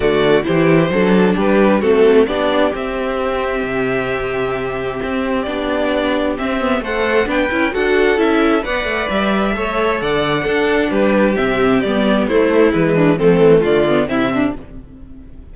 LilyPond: <<
  \new Staff \with { instrumentName = "violin" } { \time 4/4 \tempo 4 = 132 d''4 c''2 b'4 | a'4 d''4 e''2~ | e''1 | d''2 e''4 fis''4 |
g''4 fis''4 e''4 fis''4 | e''2 fis''2 | b'4 e''4 d''4 c''4 | b'4 a'4 d''4 e''4 | }
  \new Staff \with { instrumentName = "violin" } { \time 4/4 fis'4 g'4 a'4 g'4 | fis'4 g'2.~ | g'1~ | g'2. c''4 |
b'4 a'2 d''4~ | d''4 cis''4 d''4 a'4 | g'2. e'4~ | e'8 d'8 c'4 f'4 e'8 d'8 | }
  \new Staff \with { instrumentName = "viola" } { \time 4/4 a4 e'4 d'2 | c'4 d'4 c'2~ | c'1 | d'2 c'8 b8 a'4 |
d'8 e'8 fis'4 e'4 b'4~ | b'4 a'2 d'4~ | d'4 c'4 b4 a4 | gis4 a4. b8 c'4 | }
  \new Staff \with { instrumentName = "cello" } { \time 4/4 d4 e4 fis4 g4 | a4 b4 c'2 | c2. c'4 | b2 c'4 a4 |
b8 cis'8 d'4 cis'4 b8 a8 | g4 a4 d4 d'4 | g4 c4 g4 a4 | e4 f8 e8 d4 c4 | }
>>